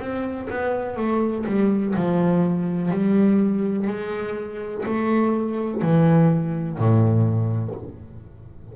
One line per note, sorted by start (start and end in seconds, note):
0.00 0.48 C4
0.50 0.97 B3
0.97 1.45 A3
1.46 1.95 G3
1.96 2.91 F3
2.91 3.88 G3
3.88 4.84 G#3
4.86 5.82 A3
5.82 6.79 E3
6.79 7.76 A2